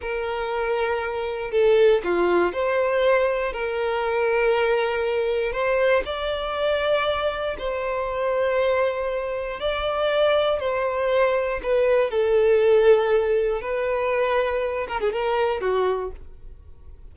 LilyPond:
\new Staff \with { instrumentName = "violin" } { \time 4/4 \tempo 4 = 119 ais'2. a'4 | f'4 c''2 ais'4~ | ais'2. c''4 | d''2. c''4~ |
c''2. d''4~ | d''4 c''2 b'4 | a'2. b'4~ | b'4. ais'16 gis'16 ais'4 fis'4 | }